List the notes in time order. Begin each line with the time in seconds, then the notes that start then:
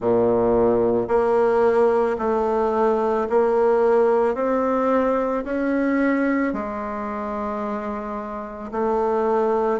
0.00 A#2
1.08 A#3
2.18 A3
3.29 A#3
4.34 C4
5.44 C#4
6.53 G#3
8.71 A3